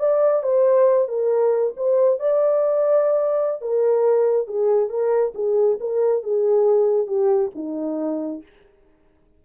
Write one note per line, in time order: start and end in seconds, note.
0.00 0.44 D5
0.44 1.08 C5
1.08 1.74 A#4
1.77 2.20 C5
2.20 3.62 D5
3.62 4.48 A#4
4.48 4.90 G#4
4.90 5.34 A#4
5.35 5.79 G#4
5.80 6.23 A#4
6.23 7.07 G#4
7.07 7.51 G4
7.55 8.43 D#4